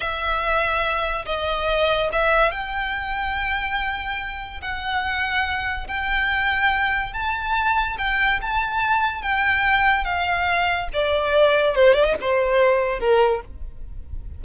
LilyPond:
\new Staff \with { instrumentName = "violin" } { \time 4/4 \tempo 4 = 143 e''2. dis''4~ | dis''4 e''4 g''2~ | g''2. fis''4~ | fis''2 g''2~ |
g''4 a''2 g''4 | a''2 g''2 | f''2 d''2 | c''8 d''16 dis''16 c''2 ais'4 | }